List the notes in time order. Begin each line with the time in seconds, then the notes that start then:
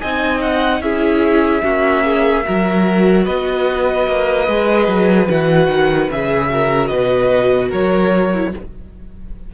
0.00 C4 D#4 D#5 G#5
0.41 F#5
0.80 C#4 E4 G#4 E5
1.63 A#3 C#4 F#4
2.04 G#4
2.44 F#3 F#4 A#4
3.24 B3 B4 D#5
4.07 A#3
4.47 G#3 G#4
4.87 F#3
5.27 E3 F#4 F#5
5.68 D#3
6.10 C#3 G#4 E5
6.48 F#4 A#4
6.87 B2 B4 D#5
7.69 F#3 A#4 C#5
8.33 E4